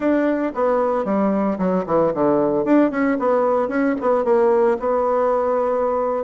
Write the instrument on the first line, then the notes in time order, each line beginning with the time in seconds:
bassoon
0.00 D4
0.54 B3
1.05 G3
1.58 F#3
1.86 E3
2.14 D3
2.64 D4
2.91 C#4
3.19 B3
3.68 C#4
4.00 B3
4.24 A#3
4.79 B3